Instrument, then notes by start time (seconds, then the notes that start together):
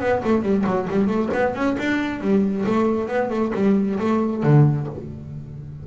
double bass
0.00 B3
0.24 A3
0.42 G3
0.66 F#3
0.90 G3
1.07 A3
1.34 B3
1.55 C#4
1.79 D4
2.21 G3
2.66 A3
3.08 B3
3.30 A3
3.55 G3
4.00 A3
4.43 D3